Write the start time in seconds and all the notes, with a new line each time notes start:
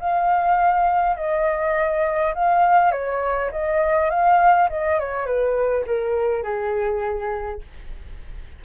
0.00 F5
1.17 D#5
2.35 F5
2.92 C#5
3.52 D#5
4.10 F5
4.70 D#5
5.00 C#5
5.26 B4
5.87 A#4
6.43 G#4